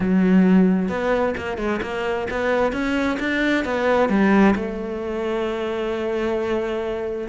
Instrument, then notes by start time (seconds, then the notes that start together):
cello
0.00 F#3
0.88 B3
1.37 A#3
1.57 G#3
1.82 A#3
2.30 B3
2.72 C#4
3.19 D4
3.64 B3
4.09 G3
4.55 A3